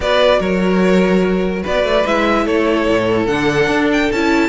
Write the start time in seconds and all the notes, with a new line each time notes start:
0.00 B3 F#4 B4 D5
0.39 F#3 A#4 C#5
1.62 B3 B4 D5
1.83 A3
2.06 G#3 E4 E5
2.45 A3 A4 C#5
2.88 A2
3.26 D3 D4 F#5
3.67 D4
3.92 G5
4.11 C#4 E4 A5